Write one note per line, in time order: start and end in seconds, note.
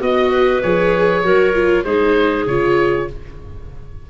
0.00 0.62 B3
0.00 0.61 F#4
0.00 0.62 D#5
0.00 0.30 D#5
0.30 1.22 B4
0.62 1.24 F3
0.62 1.24 G#4
0.62 1.84 C#5
1.24 1.85 F#3
1.24 1.53 F#4
1.24 1.85 A#4
1.53 1.84 F4
1.84 2.46 G#3
1.84 2.48 D#4
1.84 3.07 G#4
1.84 2.45 C5
2.46 3.08 C#3
2.46 3.10 F4
2.46 3.09 C#5